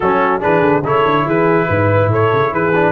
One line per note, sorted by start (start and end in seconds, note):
0.00 0.43 F#3
0.00 0.40 C#4
0.00 0.41 F#4
0.00 0.42 A4
0.40 0.61 E3
0.40 0.82 D4
0.40 0.83 G#4
0.40 0.84 B4
0.61 0.82 D3
0.83 1.04 C#3
0.83 2.73 E4
0.83 1.25 A4
0.83 1.28 C#5
1.05 1.25 D3
1.25 1.67 E3
1.25 1.67 G#4
1.25 2.12 B4
1.68 2.07 G#2
1.68 2.11 B4
2.07 2.28 A2
2.07 2.51 A4
2.07 2.54 C#5
2.32 2.51 C#3
2.51 2.92 E3
2.51 2.92 G#4
2.51 2.92 B4
2.75 2.92 D4